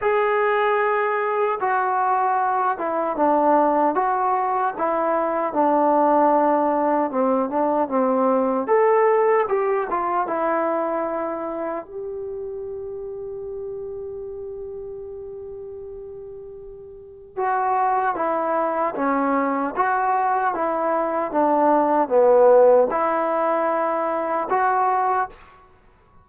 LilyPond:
\new Staff \with { instrumentName = "trombone" } { \time 4/4 \tempo 4 = 76 gis'2 fis'4. e'8 | d'4 fis'4 e'4 d'4~ | d'4 c'8 d'8 c'4 a'4 | g'8 f'8 e'2 g'4~ |
g'1~ | g'2 fis'4 e'4 | cis'4 fis'4 e'4 d'4 | b4 e'2 fis'4 | }